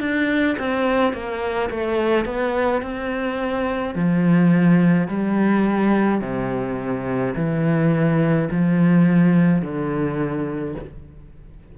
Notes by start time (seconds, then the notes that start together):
0.00 D4
0.59 C4
1.13 A#3
1.70 A3
2.26 B3
2.83 C4
3.95 F3
5.08 G3
6.22 C3
7.36 E3
8.52 F3
9.62 D3